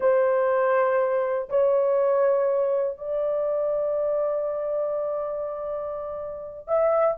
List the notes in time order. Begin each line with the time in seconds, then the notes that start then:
0.00 C5
1.49 C#5
2.97 D5
6.67 E5